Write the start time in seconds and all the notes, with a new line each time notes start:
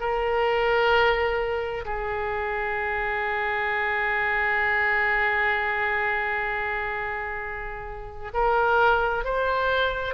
0.00 A#4
1.85 G#4
8.33 A#4
9.24 C5